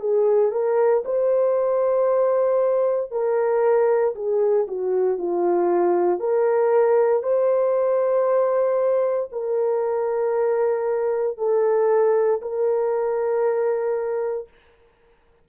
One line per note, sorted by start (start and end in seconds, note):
0.00 0.52 G#4
0.52 1.03 A#4
1.05 3.11 C5
3.11 4.14 A#4
4.15 4.67 G#4
4.68 5.18 F#4
5.18 6.20 F4
6.20 7.23 A#4
7.23 9.30 C5
9.32 11.37 A#4
11.37 12.41 A4
12.42 14.49 A#4